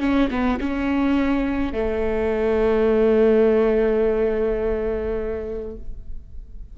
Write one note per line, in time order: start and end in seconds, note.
0.00 0.29 C#4
0.30 0.59 B3
0.60 1.73 C#4
1.73 5.77 A3